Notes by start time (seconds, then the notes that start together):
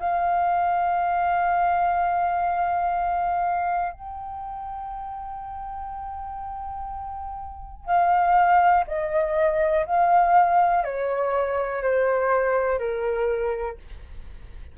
0.00 F5
3.93 G5
7.86 F5
8.88 D#5
9.86 F5
10.85 C#5
11.83 C5
12.79 A#4